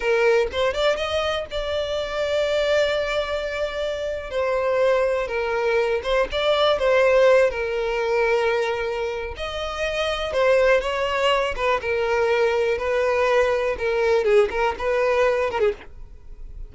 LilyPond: \new Staff \with { instrumentName = "violin" } { \time 4/4 \tempo 4 = 122 ais'4 c''8 d''8 dis''4 d''4~ | d''1~ | d''8. c''2 ais'4~ ais'16~ | ais'16 c''8 d''4 c''4. ais'8.~ |
ais'2. dis''4~ | dis''4 c''4 cis''4. b'8 | ais'2 b'2 | ais'4 gis'8 ais'8 b'4. ais'16 gis'16 | }